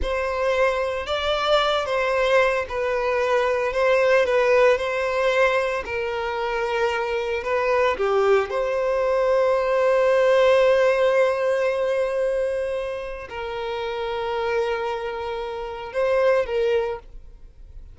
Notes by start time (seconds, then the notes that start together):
0.01 C5
1.06 D5
1.85 C5
2.68 B4
3.73 C5
4.25 B4
4.77 C5
5.85 A#4
7.43 B4
7.97 G4
8.50 C5
13.29 A#4
15.93 C5
16.46 A#4